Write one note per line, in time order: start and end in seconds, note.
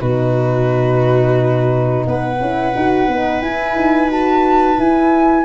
0.00 2.06 B2
0.00 2.39 D#4
0.00 2.05 F#4
0.00 2.05 B4
2.07 2.40 B3
2.07 5.45 B4
2.07 3.42 F#5
2.40 2.74 C#4
2.40 2.75 E4
2.76 3.08 D#4
2.76 3.10 F#4
3.08 3.41 B3
3.08 3.43 D#4
3.41 3.75 E4
3.41 4.09 E4
3.41 4.10 G#5
3.76 4.78 D#4
4.09 4.77 F#4
4.09 4.80 A5
4.78 5.45 E4
4.78 5.45 G#5